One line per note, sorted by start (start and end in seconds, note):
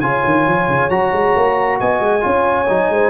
0.00 0.22 C#3
0.00 0.91 F4
0.00 1.80 C#5
0.00 0.90 G#5
0.26 0.47 D#3
0.47 0.68 F3
0.68 0.90 C#3
0.90 1.12 F#3
0.90 2.21 F#4
0.90 1.80 A#5
1.12 1.35 G#3
1.36 1.81 A#3
1.80 2.00 B3
1.80 2.25 D#5
1.80 3.11 G#5
2.00 2.23 G#3
2.21 2.69 C#4
2.21 2.66 F4
2.21 2.92 C#5
2.69 2.90 F#3
2.69 3.11 D#4
2.90 3.11 G#3
2.90 3.11 C5